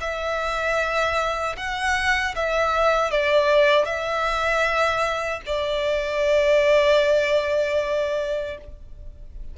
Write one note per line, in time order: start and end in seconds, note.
0.00 1.56 E5
1.57 2.34 F#5
2.36 3.10 E5
3.10 3.85 D5
3.85 5.41 E5
5.46 8.57 D5